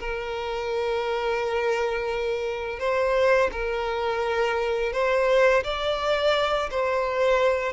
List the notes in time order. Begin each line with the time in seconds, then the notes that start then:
0.00 A#4
2.80 C5
3.52 A#4
4.93 C5
5.64 D5
6.71 C5